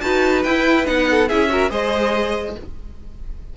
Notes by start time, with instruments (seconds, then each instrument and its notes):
0.00 cello D#4, viola F#4, violin B4 A5
0.43 cello E4, viola E4, violin G5
0.84 cello B3, viola D#4, violin F#5
1.10 violin A4
1.28 cello C#4, viola E4, violin G#4 E5
1.49 viola F#4, violin A#4
1.69 cello G#3, viola G#4, violin C5 D#5